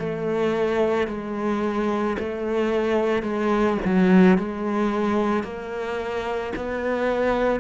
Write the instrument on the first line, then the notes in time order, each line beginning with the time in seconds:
cello
0.00 A3
1.08 G#3
2.19 A3
3.23 G#3
3.86 F#3
4.38 G#3
5.44 A#3
6.57 B3